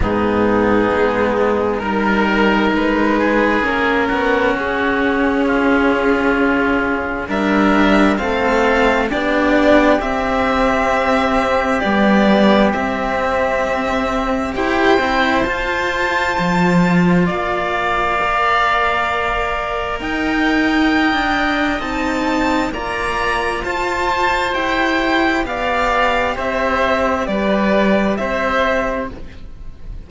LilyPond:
<<
  \new Staff \with { instrumentName = "violin" } { \time 4/4 \tempo 4 = 66 gis'2 ais'4 b'4 | ais'4 gis'2. | e''4 f''4 d''4 e''4~ | e''4 d''4 e''2 |
g''4 a''2 f''4~ | f''2 g''2 | a''4 ais''4 a''4 g''4 | f''4 e''4 d''4 e''4 | }
  \new Staff \with { instrumentName = "oboe" } { \time 4/4 dis'2 ais'4. gis'8~ | gis'8 fis'4. f'2 | ais'4 a'4 g'2~ | g'1 |
c''2. d''4~ | d''2 dis''2~ | dis''4 d''4 c''2 | d''4 c''4 b'4 c''4 | }
  \new Staff \with { instrumentName = "cello" } { \time 4/4 b2 dis'2 | cis'1 | d'4 c'4 d'4 c'4~ | c'4 g4 c'2 |
g'8 e'8 f'2. | ais'1 | dis'4 f'2 g'4~ | g'1 | }
  \new Staff \with { instrumentName = "cello" } { \time 4/4 gis,4 gis4 g4 gis4 | ais8 b8 cis'2. | g4 a4 b4 c'4~ | c'4 b4 c'2 |
e'8 c'8 f'4 f4 ais4~ | ais2 dis'4~ dis'16 d'8. | c'4 ais4 f'4 e'4 | b4 c'4 g4 c'4 | }
>>